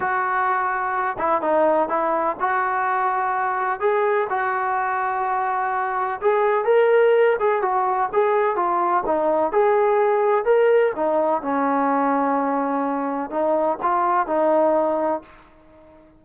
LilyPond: \new Staff \with { instrumentName = "trombone" } { \time 4/4 \tempo 4 = 126 fis'2~ fis'8 e'8 dis'4 | e'4 fis'2. | gis'4 fis'2.~ | fis'4 gis'4 ais'4. gis'8 |
fis'4 gis'4 f'4 dis'4 | gis'2 ais'4 dis'4 | cis'1 | dis'4 f'4 dis'2 | }